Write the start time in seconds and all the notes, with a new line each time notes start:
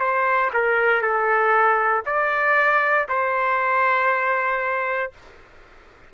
0.00 C5
0.54 A#4
1.02 A4
2.06 D5
3.09 C5